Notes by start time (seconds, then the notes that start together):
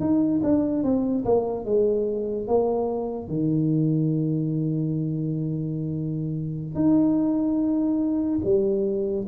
0.00 D#4
0.43 D4
0.83 C4
1.25 A#3
1.65 G#3
2.47 A#3
3.28 D#3
6.75 D#4
8.44 G3